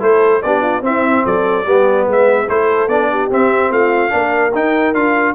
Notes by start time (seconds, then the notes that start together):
0.00 A3 E4 A4 C5
0.42 B3 D4 G4 D5
0.62 F4
0.82 C4 E4 E5
1.24 F#3 A4 D5
1.65 G3 B3 G4
2.06 G#3 B4
2.12 E5
2.48 A3 E4 A4 C5
2.88 B3 D4 D5
3.11 G4
3.31 C4 E5
3.71 A3 F4 F5
4.10 A#3 D4 A#4
4.54 D#4 G5
4.94 D4 F4 F5